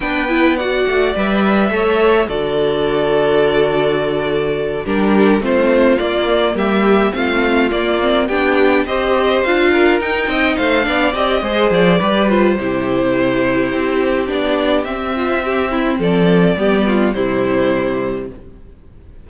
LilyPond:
<<
  \new Staff \with { instrumentName = "violin" } { \time 4/4 \tempo 4 = 105 g''4 fis''4 e''2 | d''1~ | d''8 ais'4 c''4 d''4 e''8~ | e''8 f''4 d''4 g''4 dis''8~ |
dis''8 f''4 g''4 f''4 dis''8~ | dis''8 d''4 c''2~ c''8~ | c''4 d''4 e''2 | d''2 c''2 | }
  \new Staff \with { instrumentName = "violin" } { \time 4/4 b'4 d''2 cis''4 | a'1~ | a'8 g'4 f'2 g'8~ | g'8 f'2 g'4 c''8~ |
c''4 ais'4 dis''8 c''8 d''4 | c''4 b'4 g'2~ | g'2~ g'8 f'8 g'8 e'8 | a'4 g'8 f'8 e'2 | }
  \new Staff \with { instrumentName = "viola" } { \time 4/4 d'8 e'8 fis'4 b'4 a'4 | fis'1~ | fis'8 d'4 c'4 ais4.~ | ais8 c'4 ais8 c'8 d'4 g'8~ |
g'8 f'4 dis'4. d'8 g'8 | gis'4 g'8 f'8 e'2~ | e'4 d'4 c'2~ | c'4 b4 g2 | }
  \new Staff \with { instrumentName = "cello" } { \time 4/4 b4. a8 g4 a4 | d1~ | d8 g4 a4 ais4 g8~ | g8 a4 ais4 b4 c'8~ |
c'8 d'4 dis'8 c'8 a8 b8 c'8 | gis8 f8 g4 c2 | c'4 b4 c'2 | f4 g4 c2 | }
>>